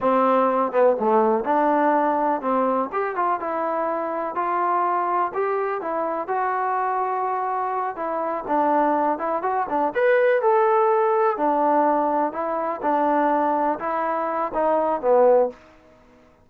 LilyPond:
\new Staff \with { instrumentName = "trombone" } { \time 4/4 \tempo 4 = 124 c'4. b8 a4 d'4~ | d'4 c'4 g'8 f'8 e'4~ | e'4 f'2 g'4 | e'4 fis'2.~ |
fis'8 e'4 d'4. e'8 fis'8 | d'8 b'4 a'2 d'8~ | d'4. e'4 d'4.~ | d'8 e'4. dis'4 b4 | }